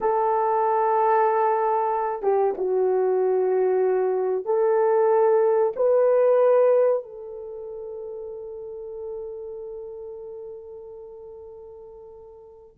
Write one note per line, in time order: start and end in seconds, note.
0.00 2.22 A4
2.22 2.54 G4
2.57 4.45 F#4
4.45 5.72 A4
5.76 7.02 B4
7.02 12.77 A4